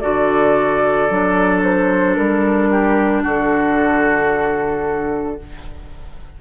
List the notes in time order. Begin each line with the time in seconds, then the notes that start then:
0.00 D3 F#4 A4 D5
1.09 F#3 D4
1.63 C5
2.15 G3 A#4
2.70 G4
3.23 D3 F#4 A4